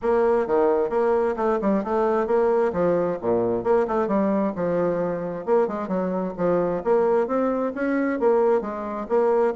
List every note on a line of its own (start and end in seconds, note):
0.01 0.46 A#3
0.46 0.89 D#3
0.89 1.35 A#3
1.36 1.59 A3
1.61 1.83 G3
1.83 2.26 A3
2.26 2.72 A#3
2.72 3.18 F3
3.21 3.63 A#2
3.63 3.86 A#3
3.87 4.07 A3
4.07 4.52 G3
4.55 5.45 F3
5.45 5.67 A#3
5.67 5.88 G#3
5.88 6.33 F#3
6.37 6.82 F3
6.83 7.27 A#3
7.27 7.72 C4
7.74 8.19 C#4
8.19 8.61 A#3
8.61 9.06 G#3
9.08 9.54 A#3